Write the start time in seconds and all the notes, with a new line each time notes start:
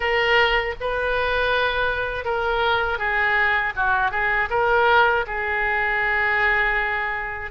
0.00 A#4
0.80 B4
2.24 A#4
2.98 G#4
3.75 F#4
4.11 G#4
4.50 A#4
5.27 G#4